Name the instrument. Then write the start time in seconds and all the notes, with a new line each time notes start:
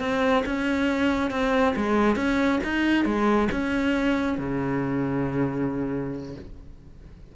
cello
0.00 C4
0.46 C#4
1.31 C4
1.76 G#3
2.16 C#4
2.64 D#4
3.05 G#3
3.52 C#4
4.38 C#3